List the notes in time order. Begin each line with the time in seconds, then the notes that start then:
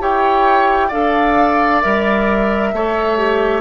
0.00 E4 G4 C#5 G5
0.88 D4 A4 D5 F5
1.81 G3 A#4 E5
2.73 A3 A4 C#5
3.18 G4